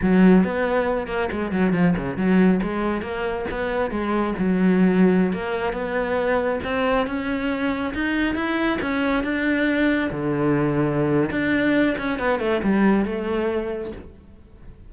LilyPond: \new Staff \with { instrumentName = "cello" } { \time 4/4 \tempo 4 = 138 fis4 b4. ais8 gis8 fis8 | f8 cis8 fis4 gis4 ais4 | b4 gis4 fis2~ | fis16 ais4 b2 c'8.~ |
c'16 cis'2 dis'4 e'8.~ | e'16 cis'4 d'2 d8.~ | d2 d'4. cis'8 | b8 a8 g4 a2 | }